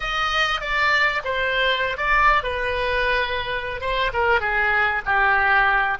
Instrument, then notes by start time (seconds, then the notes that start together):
oboe
0.00 D#5
0.60 D5
1.24 C5
1.97 D5
2.43 B4
3.80 C5
4.13 A#4
4.40 G#4
5.05 G4